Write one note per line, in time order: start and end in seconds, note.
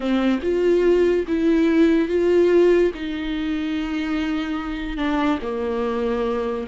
0.00 0.39 C4
0.42 1.25 F4
1.27 2.08 E4
2.08 2.91 F4
2.94 4.97 D#4
4.97 5.39 D4
5.42 6.67 A#3